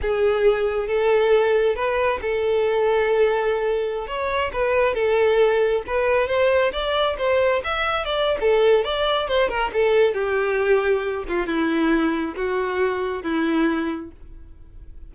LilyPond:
\new Staff \with { instrumentName = "violin" } { \time 4/4 \tempo 4 = 136 gis'2 a'2 | b'4 a'2.~ | a'4~ a'16 cis''4 b'4 a'8.~ | a'4~ a'16 b'4 c''4 d''8.~ |
d''16 c''4 e''4 d''8. a'4 | d''4 c''8 ais'8 a'4 g'4~ | g'4. f'8 e'2 | fis'2 e'2 | }